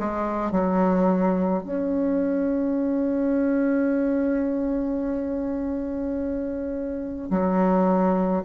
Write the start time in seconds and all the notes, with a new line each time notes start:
0.00 G#3
0.52 F#3
1.64 C#4
7.31 F#3